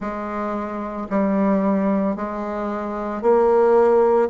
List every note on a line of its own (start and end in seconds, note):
0.00 1.07 G#3
1.10 2.15 G3
2.15 3.21 G#3
3.21 4.29 A#3